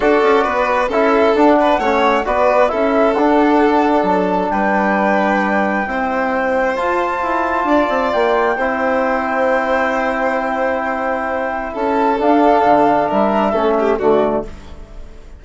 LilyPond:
<<
  \new Staff \with { instrumentName = "flute" } { \time 4/4 \tempo 4 = 133 d''2 e''4 fis''4~ | fis''4 d''4 e''4 fis''4~ | fis''4 a''4 g''2~ | g''2. a''4~ |
a''2 g''2~ | g''1~ | g''2 a''4 f''4~ | f''4 e''2 d''4 | }
  \new Staff \with { instrumentName = "violin" } { \time 4/4 a'4 b'4 a'4. b'8 | cis''4 b'4 a'2~ | a'2 b'2~ | b'4 c''2.~ |
c''4 d''2 c''4~ | c''1~ | c''2 a'2~ | a'4 ais'4 a'8 g'8 fis'4 | }
  \new Staff \with { instrumentName = "trombone" } { \time 4/4 fis'2 e'4 d'4 | cis'4 fis'4 e'4 d'4~ | d'1~ | d'4 e'2 f'4~ |
f'2. e'4~ | e'1~ | e'2. d'4~ | d'2 cis'4 a4 | }
  \new Staff \with { instrumentName = "bassoon" } { \time 4/4 d'8 cis'8 b4 cis'4 d'4 | a4 b4 cis'4 d'4~ | d'4 fis4 g2~ | g4 c'2 f'4 |
e'4 d'8 c'8 ais4 c'4~ | c'1~ | c'2 cis'4 d'4 | d4 g4 a4 d4 | }
>>